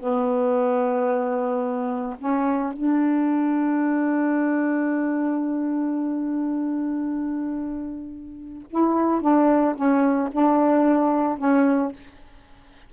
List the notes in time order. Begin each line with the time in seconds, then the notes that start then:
0.00 B3
2.19 C#4
2.73 D4
8.70 E4
9.21 D4
9.75 C#4
10.32 D4
11.38 C#4